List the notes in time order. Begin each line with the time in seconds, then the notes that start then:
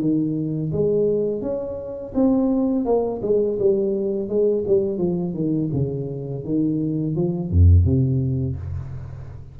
0.00 D#3
0.72 G#3
1.42 C#4
2.14 C4
2.85 A#3
3.22 G#3
3.59 G3
4.29 G#3
4.67 G3
4.98 F3
5.34 D#3
5.72 C#3
6.44 D#3
7.15 F3
7.50 F2
7.84 C3